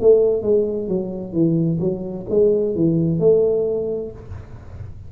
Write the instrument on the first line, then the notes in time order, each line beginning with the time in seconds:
tuba
0.00 A3
0.42 G#3
0.88 F#3
1.33 E3
1.80 F#3
2.30 G#3
2.75 E3
3.19 A3